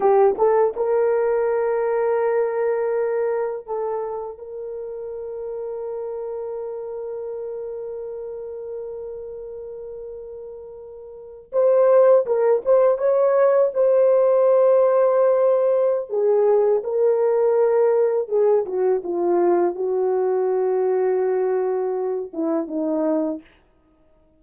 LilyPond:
\new Staff \with { instrumentName = "horn" } { \time 4/4 \tempo 4 = 82 g'8 a'8 ais'2.~ | ais'4 a'4 ais'2~ | ais'1~ | ais'2.~ ais'8. c''16~ |
c''8. ais'8 c''8 cis''4 c''4~ c''16~ | c''2 gis'4 ais'4~ | ais'4 gis'8 fis'8 f'4 fis'4~ | fis'2~ fis'8 e'8 dis'4 | }